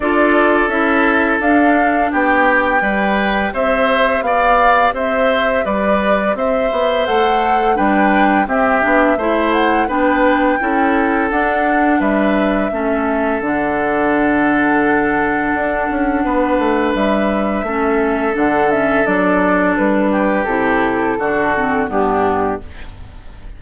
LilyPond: <<
  \new Staff \with { instrumentName = "flute" } { \time 4/4 \tempo 4 = 85 d''4 e''4 f''4 g''4~ | g''4 e''4 f''4 e''4 | d''4 e''4 fis''4 g''4 | e''4. fis''8 g''2 |
fis''4 e''2 fis''4~ | fis''1 | e''2 fis''8 e''8 d''4 | b'4 a'2 g'4 | }
  \new Staff \with { instrumentName = "oboe" } { \time 4/4 a'2. g'4 | b'4 c''4 d''4 c''4 | b'4 c''2 b'4 | g'4 c''4 b'4 a'4~ |
a'4 b'4 a'2~ | a'2. b'4~ | b'4 a'2.~ | a'8 g'4. fis'4 d'4 | }
  \new Staff \with { instrumentName = "clarinet" } { \time 4/4 f'4 e'4 d'2 | g'1~ | g'2 a'4 d'4 | c'8 d'8 e'4 d'4 e'4 |
d'2 cis'4 d'4~ | d'1~ | d'4 cis'4 d'8 cis'8 d'4~ | d'4 e'4 d'8 c'8 b4 | }
  \new Staff \with { instrumentName = "bassoon" } { \time 4/4 d'4 cis'4 d'4 b4 | g4 c'4 b4 c'4 | g4 c'8 b8 a4 g4 | c'8 b8 a4 b4 cis'4 |
d'4 g4 a4 d4~ | d2 d'8 cis'8 b8 a8 | g4 a4 d4 fis4 | g4 c4 d4 g,4 | }
>>